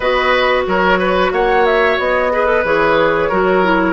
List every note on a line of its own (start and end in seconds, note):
0.00 0.65 B3
0.00 2.31 F#4
0.00 0.64 B4
0.00 0.63 D#5
0.66 1.32 F#3
0.66 0.98 A#4
0.66 1.32 C#5
0.98 1.31 B4
1.32 1.98 A#3
1.32 2.32 C#5
1.32 1.65 F#5
1.65 1.98 E5
1.98 2.64 B3
1.98 2.65 D#5
2.31 2.46 G#4
2.31 3.29 B4
2.46 2.62 A4
2.64 3.30 E3
2.64 3.31 G#4
2.64 3.92 C#5
3.29 3.92 F#3
3.29 3.63 F#4
3.29 3.92 A#4
3.63 3.92 E4